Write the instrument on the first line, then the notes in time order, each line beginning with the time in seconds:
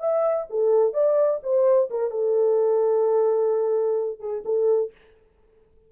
horn
0.00 E5
0.50 A4
0.94 D5
1.43 C5
1.90 A#4
2.11 A4
4.20 G#4
4.45 A4